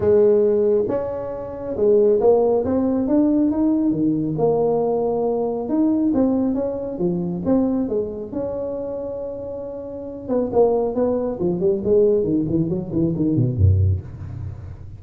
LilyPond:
\new Staff \with { instrumentName = "tuba" } { \time 4/4 \tempo 4 = 137 gis2 cis'2 | gis4 ais4 c'4 d'4 | dis'4 dis4 ais2~ | ais4 dis'4 c'4 cis'4 |
f4 c'4 gis4 cis'4~ | cis'2.~ cis'8 b8 | ais4 b4 f8 g8 gis4 | dis8 e8 fis8 e8 dis8 b,8 fis,4 | }